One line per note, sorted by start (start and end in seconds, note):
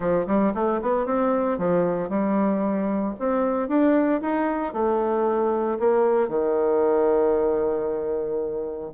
0.00 0.26 F3
0.27 0.53 G3
0.54 0.80 A3
0.81 1.06 B3
1.06 1.58 C4
1.58 2.09 F3
2.09 3.14 G3
3.19 3.68 C4
3.68 4.21 D4
4.21 4.73 D#4
4.73 5.78 A3
5.79 6.28 A#3
6.28 8.91 D#3